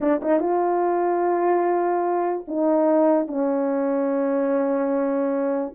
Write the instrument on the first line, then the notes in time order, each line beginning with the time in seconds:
horn
0.00 D4
0.22 D#4
0.39 F4
2.47 D#4
3.27 C#4